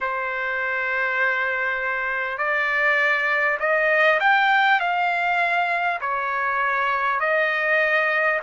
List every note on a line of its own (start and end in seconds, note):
0.01 2.38 C5
2.38 3.58 D5
3.59 4.19 D#5
4.20 4.80 G5
4.80 6.00 F5
6.01 7.20 C#5
7.20 8.40 D#5